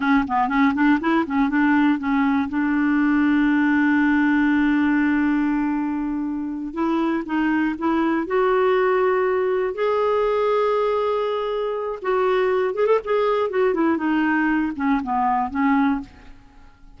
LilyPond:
\new Staff \with { instrumentName = "clarinet" } { \time 4/4 \tempo 4 = 120 cis'8 b8 cis'8 d'8 e'8 cis'8 d'4 | cis'4 d'2.~ | d'1~ | d'4. e'4 dis'4 e'8~ |
e'8 fis'2. gis'8~ | gis'1 | fis'4. gis'16 a'16 gis'4 fis'8 e'8 | dis'4. cis'8 b4 cis'4 | }